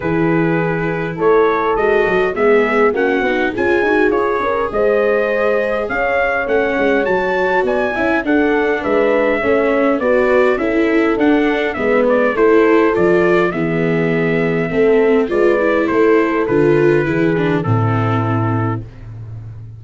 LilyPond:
<<
  \new Staff \with { instrumentName = "trumpet" } { \time 4/4 \tempo 4 = 102 b'2 cis''4 dis''4 | e''4 fis''4 gis''4 cis''4 | dis''2 f''4 fis''4 | a''4 gis''4 fis''4 e''4~ |
e''4 d''4 e''4 fis''4 | e''8 d''8 c''4 d''4 e''4~ | e''2 d''4 c''4 | b'2 a'2 | }
  \new Staff \with { instrumentName = "horn" } { \time 4/4 gis'2 a'2 | gis'4 fis'4 gis'4. ais'8 | c''2 cis''2~ | cis''4 d''8 e''8 a'4 b'4 |
cis''4 b'4 a'2 | b'4 a'2 gis'4~ | gis'4 a'4 b'4 a'4~ | a'4 gis'4 e'2 | }
  \new Staff \with { instrumentName = "viola" } { \time 4/4 e'2. fis'4 | b4 cis'8 dis'8 f'8 fis'8 gis'4~ | gis'2. cis'4 | fis'4. e'8 d'2 |
cis'4 fis'4 e'4 d'4 | b4 e'4 f'4 b4~ | b4 c'4 f'8 e'4. | f'4 e'8 d'8 c'2 | }
  \new Staff \with { instrumentName = "tuba" } { \time 4/4 e2 a4 gis8 fis8 | gis4 ais8 b8 cis'8 dis'8 f'8 cis'8 | gis2 cis'4 a8 gis8 | fis4 b8 cis'8 d'4 gis4 |
a4 b4 cis'4 d'4 | gis4 a4 f4 e4~ | e4 a4 gis4 a4 | d4 e4 a,2 | }
>>